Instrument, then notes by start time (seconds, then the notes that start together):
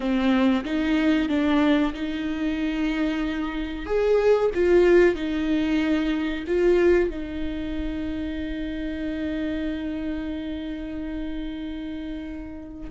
viola
0.00 C4
0.64 D#4
1.28 D4
1.93 D#4
3.85 G#4
4.54 F4
5.15 D#4
6.47 F4
7.10 D#4